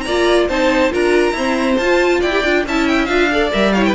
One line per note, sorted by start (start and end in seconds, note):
0.00 0.49 A#3
0.00 0.48 D5
0.00 0.43 A#5
0.07 0.50 F4
0.48 0.92 C4
0.48 0.90 D#4
0.48 0.92 C5
0.48 0.92 A5
0.90 1.32 D4
0.90 1.33 F4
0.90 1.35 A#4
0.90 1.77 A#5
1.32 1.80 C4
1.32 1.75 E4
1.32 2.20 C5
1.77 2.22 F4
1.77 2.31 F4
1.77 2.20 A5
2.20 2.44 E4
2.20 2.63 D5
2.20 2.65 G5
2.31 2.42 G4
2.44 2.65 D4
2.44 2.65 F4
2.65 3.08 C#4
2.65 3.08 E4
2.65 3.32 E5
2.65 2.87 A5
2.87 3.05 G5
3.05 3.51 D4
3.05 3.30 F4
3.05 3.48 F5
3.31 3.52 A4
3.31 3.76 D5
3.52 3.95 G3
3.52 3.74 A#4
3.52 3.73 E5
3.73 3.95 E4
3.73 3.87 C#5
3.73 3.83 F5
3.85 3.95 B4
3.85 3.95 G5